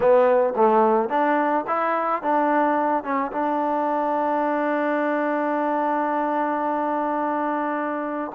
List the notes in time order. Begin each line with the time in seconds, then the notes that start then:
0.00 B3
0.56 A3
1.09 D4
1.67 E4
2.22 D4
3.03 C#4
3.31 D4